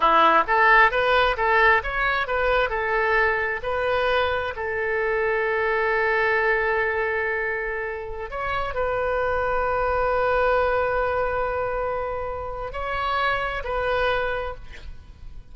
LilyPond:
\new Staff \with { instrumentName = "oboe" } { \time 4/4 \tempo 4 = 132 e'4 a'4 b'4 a'4 | cis''4 b'4 a'2 | b'2 a'2~ | a'1~ |
a'2~ a'16 cis''4 b'8.~ | b'1~ | b'1 | cis''2 b'2 | }